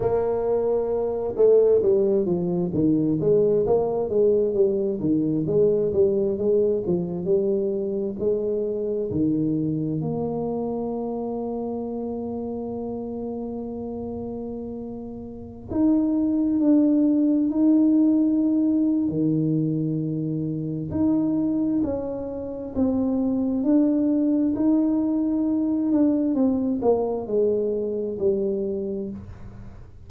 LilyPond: \new Staff \with { instrumentName = "tuba" } { \time 4/4 \tempo 4 = 66 ais4. a8 g8 f8 dis8 gis8 | ais8 gis8 g8 dis8 gis8 g8 gis8 f8 | g4 gis4 dis4 ais4~ | ais1~ |
ais4~ ais16 dis'4 d'4 dis'8.~ | dis'4 dis2 dis'4 | cis'4 c'4 d'4 dis'4~ | dis'8 d'8 c'8 ais8 gis4 g4 | }